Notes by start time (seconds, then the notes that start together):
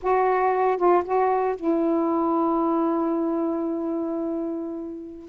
0.02 F#4
0.77 F4
1.04 F#4
1.55 E4